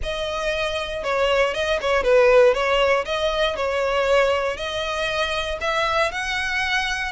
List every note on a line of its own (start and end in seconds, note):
0.02 1.03 D#5
1.03 1.53 C#5
1.53 1.79 D#5
1.81 2.03 C#5
2.03 2.54 B4
2.54 3.04 C#5
3.05 3.55 D#5
3.55 4.56 C#5
4.56 5.58 D#5
5.60 6.11 E5
6.11 7.12 F#5